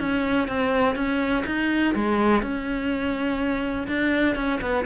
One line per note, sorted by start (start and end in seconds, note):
0.00 0.48 C#4
0.48 0.96 C4
0.96 1.44 C#4
1.46 1.95 D#4
1.95 2.42 G#3
2.42 3.88 C#4
3.88 4.36 D4
4.36 4.60 C#4
4.61 4.86 B3